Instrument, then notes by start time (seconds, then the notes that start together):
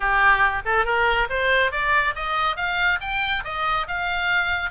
oboe
0.00 G4
0.65 A4
0.85 A#4
1.29 C5
1.71 D5
2.15 D#5
2.56 F5
3.01 G5
3.44 D#5
3.87 F5